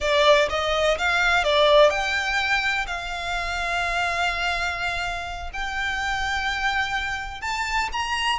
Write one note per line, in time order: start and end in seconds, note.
0.00 0.48 D5
0.49 0.97 D#5
0.97 1.44 F5
1.44 1.90 D5
1.90 2.86 G5
2.86 5.50 F5
5.53 7.41 G5
7.41 7.89 A5
7.92 8.38 A#5